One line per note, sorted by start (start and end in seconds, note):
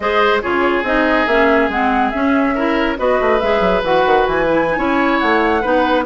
0.00 0.41 G#3
0.00 0.42 G#4
0.00 0.42 C5
0.00 0.40 D#5
0.42 0.83 C#3
0.42 0.84 F4
0.42 2.54 G#4
0.42 0.84 C#5
0.83 1.25 C4
0.83 1.27 D#4
0.83 1.27 D#5
1.26 1.69 A#3
1.26 1.72 C#4
1.26 1.69 E5
1.69 2.11 G#3
1.69 2.13 C4
1.69 2.10 F#5
2.10 2.56 C#4
2.10 2.98 C#4
2.10 2.95 E5
2.54 2.97 E4
2.54 2.97 A#4
2.97 3.20 B3
2.97 3.40 F#4
2.97 4.77 B4
2.97 3.39 D#5
3.20 3.41 A3
3.39 3.60 G#3
3.39 3.83 G#4
3.39 3.82 E5
3.60 3.81 F#3
3.83 4.04 E3
3.83 4.47 F#4
3.83 4.26 F#5
4.05 4.26 D#3
4.26 4.77 E3
4.26 5.19 G#5
4.48 4.69 E4
4.70 4.78 D#4
4.77 5.20 C#4
4.77 5.62 E4
4.77 5.61 C#5
5.19 5.64 A3
5.19 6.04 F#5
5.61 6.05 B3
5.61 6.05 D#4
5.61 6.04 B4